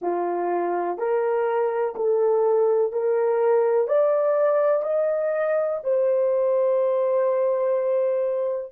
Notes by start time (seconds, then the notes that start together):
0.01 F4
0.98 A#4
1.95 A4
2.92 A#4
3.87 D5
4.82 D#5
5.83 C5